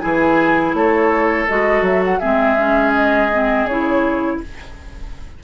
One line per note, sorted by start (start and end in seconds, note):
0.00 0.74 E3
0.00 1.48 E4
0.00 0.76 G#4
0.00 0.73 G#5
0.74 1.47 A3
0.74 2.20 A4
0.74 1.47 C#5
1.48 1.82 G#3
1.48 2.21 F#4
1.48 1.84 D#5
1.82 2.19 F#3
1.82 2.03 E5
2.05 2.20 F#5
2.20 3.65 G#3
2.20 2.58 C4
2.20 4.39 G#4
2.20 2.93 E5
2.58 3.32 C#4
2.95 3.68 D#5
3.33 3.70 C4
3.65 4.38 C#3
3.65 4.44 E4
3.65 4.41 C#5